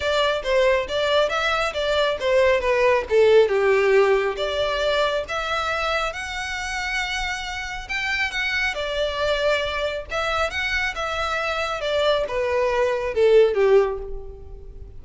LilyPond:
\new Staff \with { instrumentName = "violin" } { \time 4/4 \tempo 4 = 137 d''4 c''4 d''4 e''4 | d''4 c''4 b'4 a'4 | g'2 d''2 | e''2 fis''2~ |
fis''2 g''4 fis''4 | d''2. e''4 | fis''4 e''2 d''4 | b'2 a'4 g'4 | }